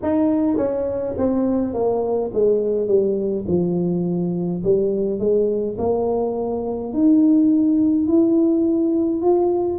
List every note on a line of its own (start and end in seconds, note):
0.02 0.57 D#4
0.57 1.14 C#4
1.17 1.73 C4
1.73 2.31 A#3
2.33 2.87 G#3
2.87 3.45 G3
3.47 4.63 F3
4.64 5.19 G3
5.19 5.76 G#3
5.77 6.93 A#3
6.93 8.07 D#4
8.07 9.22 E4
9.22 9.78 F4